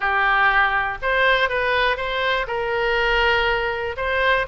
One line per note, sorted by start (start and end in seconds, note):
0.00 0.97 G4
1.02 1.49 C5
1.49 1.97 B4
1.97 2.46 C5
2.47 3.96 A#4
3.96 4.46 C5